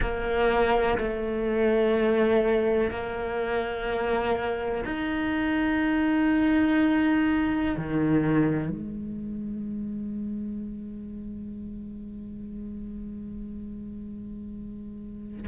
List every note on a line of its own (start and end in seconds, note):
0.00 0.97 A#3
0.98 2.90 A3
2.90 4.84 A#3
4.85 7.75 D#4
7.77 8.69 D#3
8.69 15.47 G#3